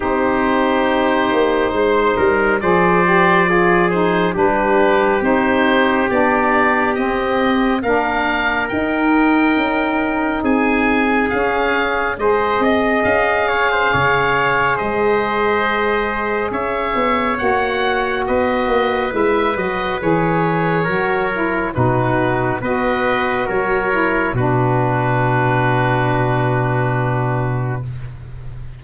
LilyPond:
<<
  \new Staff \with { instrumentName = "oboe" } { \time 4/4 \tempo 4 = 69 c''2. d''4~ | d''8 c''8 b'4 c''4 d''4 | dis''4 f''4 g''2 | gis''4 f''4 dis''4 f''4~ |
f''4 dis''2 e''4 | fis''4 dis''4 e''8 dis''8 cis''4~ | cis''4 b'4 dis''4 cis''4 | b'1 | }
  \new Staff \with { instrumentName = "trumpet" } { \time 4/4 g'2 c''8 ais'8 c''4 | gis'4 g'2.~ | g'4 ais'2. | gis'2 c''8 dis''4 cis''16 c''16 |
cis''4 c''2 cis''4~ | cis''4 b'2. | ais'4 fis'4 b'4 ais'4 | fis'1 | }
  \new Staff \with { instrumentName = "saxophone" } { \time 4/4 dis'2. gis'8 g'8 | f'8 dis'8 d'4 dis'4 d'4 | c'4 d'4 dis'2~ | dis'4 cis'4 gis'2~ |
gis'1 | fis'2 e'8 fis'8 gis'4 | fis'8 e'8 dis'4 fis'4. e'8 | d'1 | }
  \new Staff \with { instrumentName = "tuba" } { \time 4/4 c'4. ais8 gis8 g8 f4~ | f4 g4 c'4 b4 | c'4 ais4 dis'4 cis'4 | c'4 cis'4 gis8 c'8 cis'4 |
cis4 gis2 cis'8 b8 | ais4 b8 ais8 gis8 fis8 e4 | fis4 b,4 b4 fis4 | b,1 | }
>>